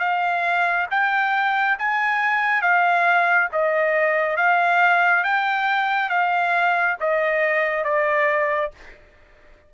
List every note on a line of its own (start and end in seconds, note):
0.00 0.87 F5
0.91 1.78 G5
1.79 2.62 G#5
2.62 3.49 F5
3.53 4.37 D#5
4.37 5.24 F5
5.24 6.10 G5
6.10 6.97 F5
7.01 7.85 D#5
7.85 8.72 D5